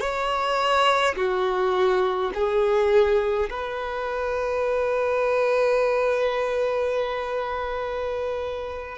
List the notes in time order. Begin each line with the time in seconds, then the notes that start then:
0.00 C#5
1.16 F#4
2.34 G#4
3.50 B4